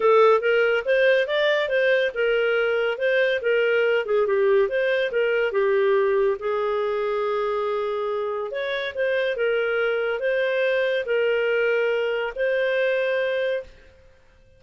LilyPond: \new Staff \with { instrumentName = "clarinet" } { \time 4/4 \tempo 4 = 141 a'4 ais'4 c''4 d''4 | c''4 ais'2 c''4 | ais'4. gis'8 g'4 c''4 | ais'4 g'2 gis'4~ |
gis'1 | cis''4 c''4 ais'2 | c''2 ais'2~ | ais'4 c''2. | }